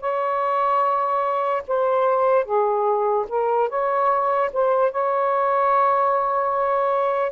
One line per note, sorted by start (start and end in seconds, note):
0.00 1.62 C#5
1.68 2.45 C5
2.45 3.26 G#4
3.29 3.69 A#4
3.69 4.50 C#5
4.53 4.92 C5
4.92 7.32 C#5